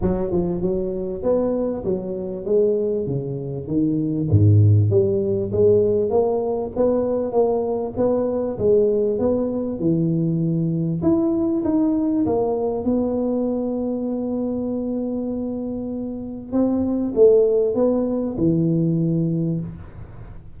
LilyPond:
\new Staff \with { instrumentName = "tuba" } { \time 4/4 \tempo 4 = 98 fis8 f8 fis4 b4 fis4 | gis4 cis4 dis4 gis,4 | g4 gis4 ais4 b4 | ais4 b4 gis4 b4 |
e2 e'4 dis'4 | ais4 b2.~ | b2. c'4 | a4 b4 e2 | }